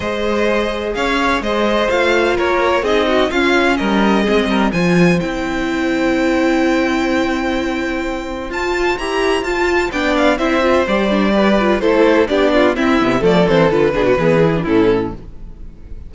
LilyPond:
<<
  \new Staff \with { instrumentName = "violin" } { \time 4/4 \tempo 4 = 127 dis''2 f''4 dis''4 | f''4 cis''4 dis''4 f''4 | dis''2 gis''4 g''4~ | g''1~ |
g''2 a''4 ais''4 | a''4 g''8 f''8 e''4 d''4~ | d''4 c''4 d''4 e''4 | d''8 c''8 b'2 a'4 | }
  \new Staff \with { instrumentName = "violin" } { \time 4/4 c''2 cis''4 c''4~ | c''4 ais'4 gis'8 fis'8 f'4 | ais'4 gis'8 ais'8 c''2~ | c''1~ |
c''1~ | c''4 d''4 c''2 | b'4 a'4 g'8 f'8 e'4 | a'4. gis'16 fis'16 gis'4 e'4 | }
  \new Staff \with { instrumentName = "viola" } { \time 4/4 gis'1 | f'2 dis'4 cis'4~ | cis'4 c'4 f'4 e'4~ | e'1~ |
e'2 f'4 g'4 | f'4 d'4 e'8 f'8 g'8 d'8 | g'8 f'8 e'4 d'4 c'8 b8 | a8 c'8 f'8 d'8 b8 e'16 d'16 cis'4 | }
  \new Staff \with { instrumentName = "cello" } { \time 4/4 gis2 cis'4 gis4 | a4 ais4 c'4 cis'4 | g4 gis8 g8 f4 c'4~ | c'1~ |
c'2 f'4 e'4 | f'4 b4 c'4 g4~ | g4 a4 b4 c'8 c8 | f8 e8 d8 b,8 e4 a,4 | }
>>